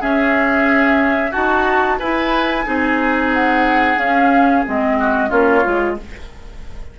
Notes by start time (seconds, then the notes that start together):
0.00 C#4 G#4 E5
1.30 D#4 F#4 A5
1.98 E4 B4 G#5
2.64 C4 D#4 G#4
3.33 F#5
3.97 C#4 F5
4.66 G#3 C4 D#5
4.99 F#4
5.29 A#3 C#4 F4 C#5
5.64 G#3 F4